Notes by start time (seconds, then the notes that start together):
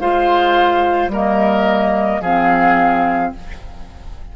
0.00 G#3 F4 C5 F5
1.08 G3 A#3 A#4
1.14 D#5
2.21 F3 C4 G#4 F5